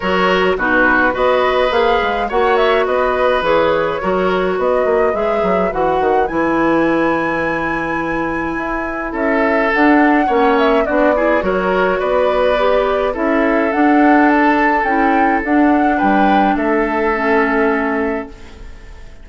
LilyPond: <<
  \new Staff \with { instrumentName = "flute" } { \time 4/4 \tempo 4 = 105 cis''4 b'4 dis''4 f''4 | fis''8 e''8 dis''4 cis''2 | dis''4 e''4 fis''4 gis''4~ | gis''1 |
e''4 fis''4. e''8 d''4 | cis''4 d''2 e''4 | fis''4 a''4 g''4 fis''4 | g''4 e''2. | }
  \new Staff \with { instrumentName = "oboe" } { \time 4/4 ais'4 fis'4 b'2 | cis''4 b'2 ais'4 | b'1~ | b'1 |
a'2 cis''4 fis'8 gis'8 | ais'4 b'2 a'4~ | a'1 | b'4 a'2. | }
  \new Staff \with { instrumentName = "clarinet" } { \time 4/4 fis'4 dis'4 fis'4 gis'4 | fis'2 gis'4 fis'4~ | fis'4 gis'4 fis'4 e'4~ | e'1~ |
e'4 d'4 cis'4 d'8 e'8 | fis'2 g'4 e'4 | d'2 e'4 d'4~ | d'2 cis'2 | }
  \new Staff \with { instrumentName = "bassoon" } { \time 4/4 fis4 b,4 b4 ais8 gis8 | ais4 b4 e4 fis4 | b8 ais8 gis8 fis8 e8 dis8 e4~ | e2. e'4 |
cis'4 d'4 ais4 b4 | fis4 b2 cis'4 | d'2 cis'4 d'4 | g4 a2. | }
>>